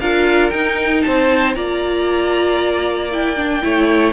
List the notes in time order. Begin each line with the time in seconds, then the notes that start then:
0.00 D4 F4 A#4 F5
0.50 D#4 G5
1.02 C4 C5 A5
1.54 A#3 F4 D5 A#5
3.12 E4 G5
3.36 D4
3.61 A3 E4 C#5